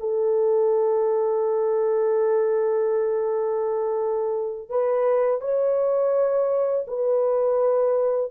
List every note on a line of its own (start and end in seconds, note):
0.00 4.70 A4
4.70 5.42 B4
5.42 6.86 C#5
6.88 8.32 B4